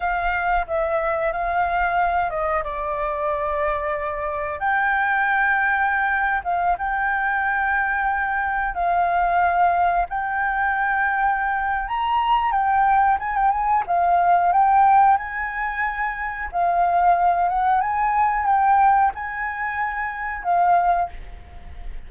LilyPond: \new Staff \with { instrumentName = "flute" } { \time 4/4 \tempo 4 = 91 f''4 e''4 f''4. dis''8 | d''2. g''4~ | g''4.~ g''16 f''8 g''4.~ g''16~ | g''4~ g''16 f''2 g''8.~ |
g''2 ais''4 g''4 | gis''16 g''16 gis''8 f''4 g''4 gis''4~ | gis''4 f''4. fis''8 gis''4 | g''4 gis''2 f''4 | }